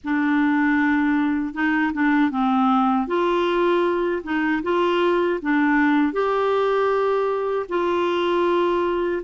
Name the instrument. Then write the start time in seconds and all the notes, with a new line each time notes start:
clarinet
0.04 D4
1.53 D#4
1.93 D4
2.30 C4
3.07 F4
4.23 D#4
4.63 F4
5.42 D4
6.12 G4
7.68 F4